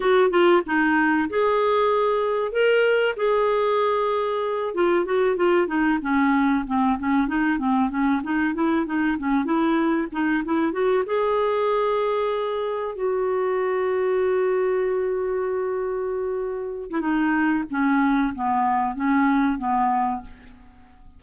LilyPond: \new Staff \with { instrumentName = "clarinet" } { \time 4/4 \tempo 4 = 95 fis'8 f'8 dis'4 gis'2 | ais'4 gis'2~ gis'8 f'8 | fis'8 f'8 dis'8 cis'4 c'8 cis'8 dis'8 | c'8 cis'8 dis'8 e'8 dis'8 cis'8 e'4 |
dis'8 e'8 fis'8 gis'2~ gis'8~ | gis'8 fis'2.~ fis'8~ | fis'2~ fis'8. e'16 dis'4 | cis'4 b4 cis'4 b4 | }